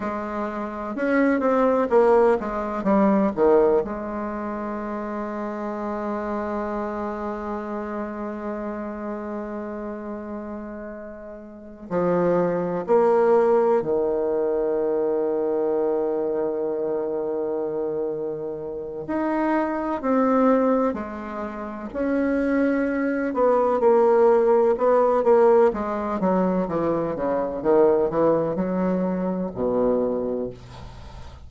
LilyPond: \new Staff \with { instrumentName = "bassoon" } { \time 4/4 \tempo 4 = 63 gis4 cis'8 c'8 ais8 gis8 g8 dis8 | gis1~ | gis1~ | gis8 f4 ais4 dis4.~ |
dis1 | dis'4 c'4 gis4 cis'4~ | cis'8 b8 ais4 b8 ais8 gis8 fis8 | e8 cis8 dis8 e8 fis4 b,4 | }